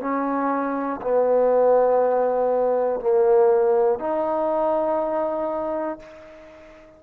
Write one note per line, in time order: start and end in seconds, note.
0.00 1.00 C#4
1.01 3.00 B3
3.00 3.99 A#3
3.99 5.99 D#4